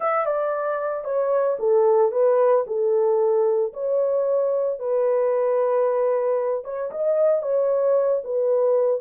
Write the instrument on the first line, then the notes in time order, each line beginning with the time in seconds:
horn
0.00 E5
0.25 D5
1.04 C#5
1.59 A4
2.11 B4
2.66 A4
3.73 C#5
4.79 B4
6.64 C#5
6.91 D#5
7.42 C#5
8.23 B4